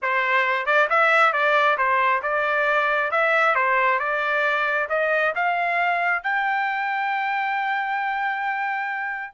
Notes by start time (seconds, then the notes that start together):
0.02 C5
0.65 D5
0.89 E5
1.32 D5
1.77 C5
2.22 D5
3.11 E5
3.55 C5
3.99 D5
4.89 D#5
5.35 F5
6.23 G5